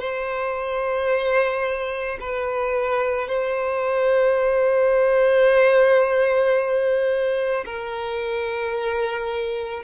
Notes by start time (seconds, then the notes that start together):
0.00 C5
2.20 B4
3.28 C5
7.65 A#4